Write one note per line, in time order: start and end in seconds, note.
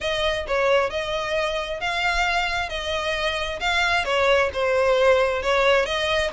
0.00 0.46 D#5
0.47 0.90 C#5
0.90 1.80 D#5
1.80 2.69 F5
2.69 3.59 D#5
3.60 4.04 F5
4.04 4.49 C#5
4.53 5.42 C5
5.42 5.85 C#5
5.85 6.31 D#5